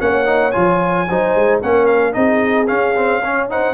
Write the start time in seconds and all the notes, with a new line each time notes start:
0.00 A#3 C#4 C#5 F#5
0.25 D#4
0.51 F3 F4 G#5
1.08 F#3 D#4 C5
1.35 G#3
1.61 A#3 C#4 A#4 F#5
1.86 F5
2.12 C4 D#4 G#4 D#5
2.67 C#4 F5
2.95 C4
3.22 C#4 C#5
3.49 D#4 C5 F#5